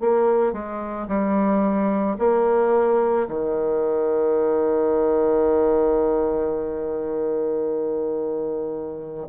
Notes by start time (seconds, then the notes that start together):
0.00 A#3
0.53 G#3
1.08 G3
2.19 A#3
3.28 D#3